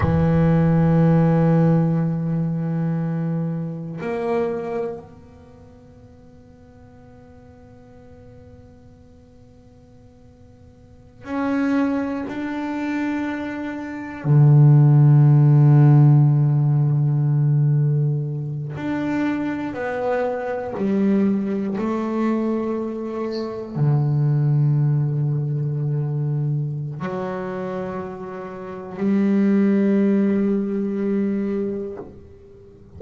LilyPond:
\new Staff \with { instrumentName = "double bass" } { \time 4/4 \tempo 4 = 60 e1 | ais4 b2.~ | b2.~ b16 cis'8.~ | cis'16 d'2 d4.~ d16~ |
d2~ d8. d'4 b16~ | b8. g4 a2 d16~ | d2. fis4~ | fis4 g2. | }